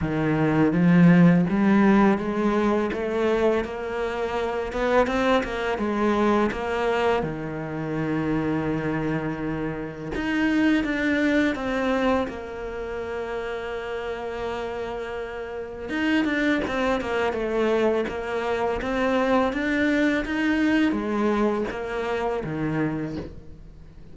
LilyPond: \new Staff \with { instrumentName = "cello" } { \time 4/4 \tempo 4 = 83 dis4 f4 g4 gis4 | a4 ais4. b8 c'8 ais8 | gis4 ais4 dis2~ | dis2 dis'4 d'4 |
c'4 ais2.~ | ais2 dis'8 d'8 c'8 ais8 | a4 ais4 c'4 d'4 | dis'4 gis4 ais4 dis4 | }